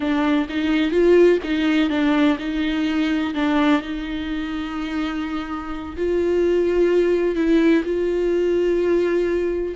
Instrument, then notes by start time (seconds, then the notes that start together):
viola
0.00 D4
0.49 D#4
0.91 F4
1.43 D#4
1.89 D4
2.39 D#4
3.34 D4
3.81 D#4
5.96 F4
7.35 E4
7.84 F4